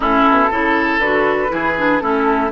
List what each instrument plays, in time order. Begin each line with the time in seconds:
0.00 bassoon A2, clarinet C#4, oboe E4, flute A4
0.29 bassoon B2
0.50 bassoon C#3, clarinet E4, oboe A4
0.99 bassoon D3, clarinet F#4, flute B4
1.48 bassoon E3, clarinet E4, oboe G#4
1.77 clarinet D4
1.99 bassoon A3, clarinet C#4, oboe E4, flute A4